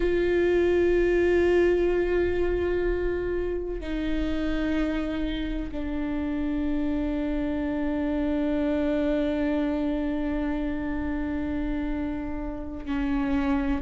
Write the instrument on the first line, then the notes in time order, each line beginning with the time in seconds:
viola
0.00 F4
3.80 D#4
5.71 D4
12.85 C#4